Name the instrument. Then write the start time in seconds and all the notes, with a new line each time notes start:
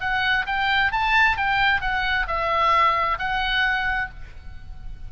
oboe
0.00 F#5
0.46 G5
0.92 A5
1.37 G5
1.81 F#5
2.27 E5
3.19 F#5